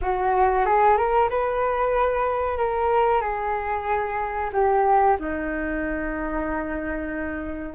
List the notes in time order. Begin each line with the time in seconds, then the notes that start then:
0.01 F#4
0.65 G#4
0.97 A#4
1.29 B4
2.57 A#4
3.21 G#4
4.52 G4
5.19 D#4